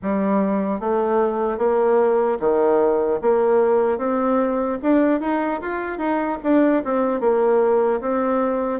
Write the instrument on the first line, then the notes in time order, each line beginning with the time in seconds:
bassoon
0.02 G3
0.80 A3
1.57 A#3
2.40 D#3
3.21 A#3
3.97 C4
4.82 D4
5.20 D#4
5.61 F4
5.98 D#4
6.43 D4
6.84 C4
7.20 A#3
8.00 C4